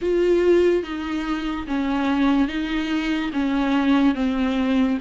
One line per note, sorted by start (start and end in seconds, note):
0.01 0.83 F4
0.83 1.66 D#4
1.67 2.48 C#4
2.48 3.31 D#4
3.33 4.14 C#4
4.14 4.98 C4